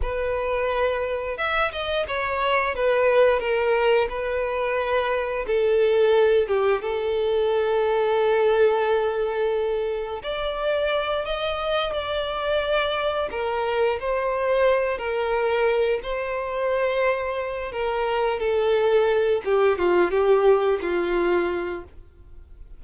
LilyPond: \new Staff \with { instrumentName = "violin" } { \time 4/4 \tempo 4 = 88 b'2 e''8 dis''8 cis''4 | b'4 ais'4 b'2 | a'4. g'8 a'2~ | a'2. d''4~ |
d''8 dis''4 d''2 ais'8~ | ais'8 c''4. ais'4. c''8~ | c''2 ais'4 a'4~ | a'8 g'8 f'8 g'4 f'4. | }